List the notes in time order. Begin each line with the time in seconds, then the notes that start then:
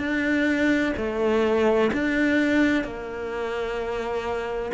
0.00 D4
0.98 A3
1.93 D4
2.85 A#3